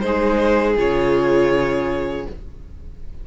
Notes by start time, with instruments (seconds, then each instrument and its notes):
0.00 cello G#3, viola D#4, violin G#4 C5
0.77 cello C#3, viola F4, violin C#5